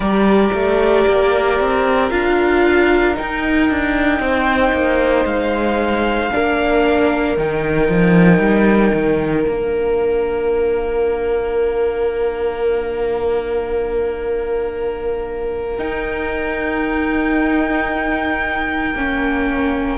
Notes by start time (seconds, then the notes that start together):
0.00 G3 G4 A#4 D5
0.53 A3
1.07 A#3
1.60 C4
2.09 D4 F4 F5
3.14 D#4 G5
3.20 D#4
3.70 D4
4.19 C4 C5
4.72 A#3
5.24 G#3 F5
6.31 A#3 D4 A#4
7.36 D#3 D#4 G5
7.88 F3
8.39 G3
8.93 D#3
9.45 A#3 D4 F5
15.78 D#4 G5
18.94 A#3 C#4